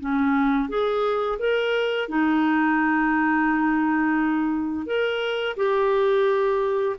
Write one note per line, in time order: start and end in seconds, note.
0.00 0.69 C#4
0.69 1.39 G#4
1.39 2.09 A#4
2.09 4.86 D#4
4.86 5.56 A#4
5.57 6.96 G4